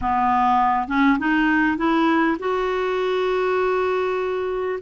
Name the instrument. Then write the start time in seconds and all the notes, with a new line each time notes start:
clarinet
0.01 B3
0.88 C#4
1.18 D#4
1.77 E4
2.39 F#4